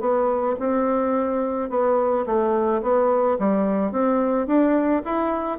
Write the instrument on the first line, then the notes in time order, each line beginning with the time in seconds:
bassoon
0.00 B3
0.59 C4
1.69 B3
2.26 A3
2.82 B3
3.39 G3
3.91 C4
4.46 D4
5.05 E4